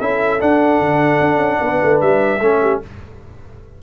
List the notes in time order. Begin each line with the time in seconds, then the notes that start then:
0.00 C#4 E4 A4 E5
0.39 D4 F#5
0.80 D3
1.20 D4
1.37 C#4
1.61 B3 B4
1.83 A3
2.00 G3 E5
2.40 A3 C#4 A4
2.61 G4